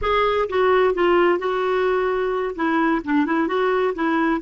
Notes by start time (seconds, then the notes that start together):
0.01 G#4
0.49 F#4
0.94 F4
1.38 F#4
2.55 E4
3.04 D4
3.26 E4
3.47 F#4
3.94 E4